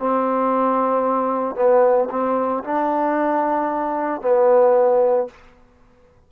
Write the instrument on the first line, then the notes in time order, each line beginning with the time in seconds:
trombone
0.00 C4
1.56 B3
2.11 C4
2.64 D4
4.22 B3